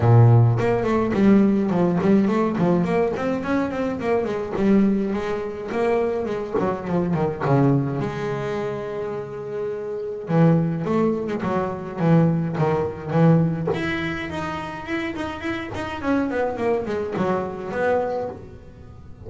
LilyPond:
\new Staff \with { instrumentName = "double bass" } { \time 4/4 \tempo 4 = 105 ais,4 ais8 a8 g4 f8 g8 | a8 f8 ais8 c'8 cis'8 c'8 ais8 gis8 | g4 gis4 ais4 gis8 fis8 | f8 dis8 cis4 gis2~ |
gis2 e4 a8. gis16 | fis4 e4 dis4 e4 | e'4 dis'4 e'8 dis'8 e'8 dis'8 | cis'8 b8 ais8 gis8 fis4 b4 | }